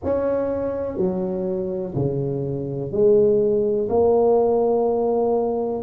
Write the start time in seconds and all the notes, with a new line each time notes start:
0.04 C#4
0.97 F#3
1.95 C#3
2.91 G#3
3.89 A#3